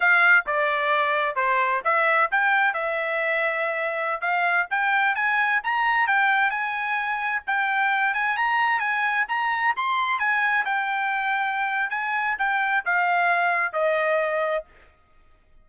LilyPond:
\new Staff \with { instrumentName = "trumpet" } { \time 4/4 \tempo 4 = 131 f''4 d''2 c''4 | e''4 g''4 e''2~ | e''4~ e''16 f''4 g''4 gis''8.~ | gis''16 ais''4 g''4 gis''4.~ gis''16~ |
gis''16 g''4. gis''8 ais''4 gis''8.~ | gis''16 ais''4 c'''4 gis''4 g''8.~ | g''2 gis''4 g''4 | f''2 dis''2 | }